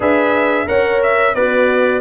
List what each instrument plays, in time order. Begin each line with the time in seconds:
0.00 tuba D4, trombone G#4, horn B4, trumpet E5
0.66 tuba C#4, trombone A#4, horn C#5, trumpet F#5
1.02 trumpet E5
1.34 tuba B3, horn F#4, trombone B4, trumpet D5